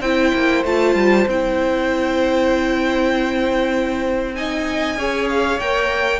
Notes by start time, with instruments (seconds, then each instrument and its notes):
0.00 cello C4, viola E4, violin C5 G5
0.34 cello A#3
0.64 cello A3, viola F4, violin A5
0.95 cello G3
1.27 cello C4, viola E4, violin G5
4.35 viola D#4, violin D#5 G#5
4.97 cello C#4, viola G#4, violin C#5
5.29 violin F5
5.59 cello A#3, viola A#4, violin G5